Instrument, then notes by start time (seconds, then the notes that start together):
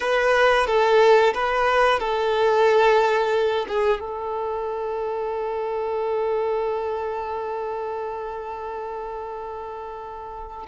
violin
0.00 B4
0.67 A4
1.33 B4
1.99 A4
3.68 G#4
4.00 A4